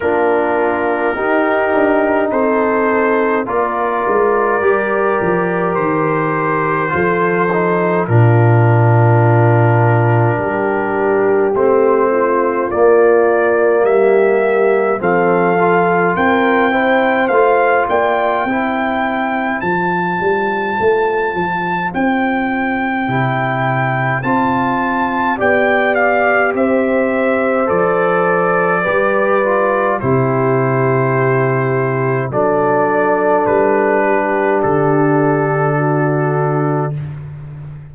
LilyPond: <<
  \new Staff \with { instrumentName = "trumpet" } { \time 4/4 \tempo 4 = 52 ais'2 c''4 d''4~ | d''4 c''2 ais'4~ | ais'2 c''4 d''4 | e''4 f''4 g''4 f''8 g''8~ |
g''4 a''2 g''4~ | g''4 a''4 g''8 f''8 e''4 | d''2 c''2 | d''4 b'4 a'2 | }
  \new Staff \with { instrumentName = "horn" } { \time 4/4 f'4 g'4 a'4 ais'4~ | ais'2 a'4 f'4~ | f'4 g'4. f'4. | g'4 a'4 ais'8 c''4 d''8 |
c''1~ | c''2 d''4 c''4~ | c''4 b'4 g'2 | a'4. g'4. fis'4 | }
  \new Staff \with { instrumentName = "trombone" } { \time 4/4 d'4 dis'2 f'4 | g'2 f'8 dis'8 d'4~ | d'2 c'4 ais4~ | ais4 c'8 f'4 e'8 f'4 |
e'4 f'2. | e'4 f'4 g'2 | a'4 g'8 f'8 e'2 | d'1 | }
  \new Staff \with { instrumentName = "tuba" } { \time 4/4 ais4 dis'8 d'8 c'4 ais8 gis8 | g8 f8 dis4 f4 ais,4~ | ais,4 g4 a4 ais4 | g4 f4 c'4 a8 ais8 |
c'4 f8 g8 a8 f8 c'4 | c4 c'4 b4 c'4 | f4 g4 c2 | fis4 g4 d2 | }
>>